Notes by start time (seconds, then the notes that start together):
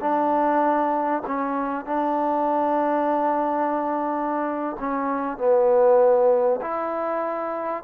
0.00 D4
1.27 C#4
1.85 D4
4.79 C#4
5.38 B3
6.61 E4